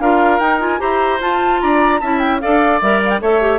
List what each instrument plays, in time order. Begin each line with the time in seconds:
0.00 bassoon D4, clarinet F4, oboe A#4, flute F5
0.39 bassoon D#4, clarinet D#4, flute G5
0.60 clarinet F4, flute G#5
0.79 bassoon E4, clarinet G4, oboe C5, flute A#5
1.21 bassoon F4, clarinet F4, flute A5
1.62 bassoon D4, oboe D5, flute A#5
2.00 bassoon C#4, clarinet E4, oboe E5, flute A5
2.19 flute G5
2.41 bassoon D4, clarinet A4, oboe D5, flute F5
2.82 bassoon G3, clarinet A#4, flute E5
3.06 flute F5 G5
3.21 bassoon A3, clarinet A4, oboe C#5, flute E5
3.41 clarinet G4